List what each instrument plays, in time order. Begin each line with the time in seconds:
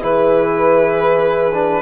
0.00 bassoon E3, trombone E4, horn G#4, violin B4
1.53 trombone D4